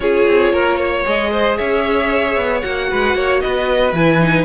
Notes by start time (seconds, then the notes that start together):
0.00 C#4 F4 G#4 C#5
0.27 C4
0.52 A#3 A#4
0.77 C#5
1.05 G#3 G#4 D#5
1.31 C5
1.57 C#4 C#5 E5
2.36 B3
2.61 A#3 F#4 F#5
2.90 G#3 B4
3.15 A#3 C#5
3.40 B3 B4 D#5
3.92 E3 E4 G#5
4.20 D#4